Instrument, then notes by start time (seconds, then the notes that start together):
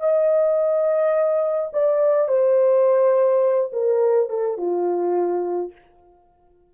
horn
0.00 D#5
1.73 D5
2.28 C5
3.73 A#4
4.29 A4
4.58 F4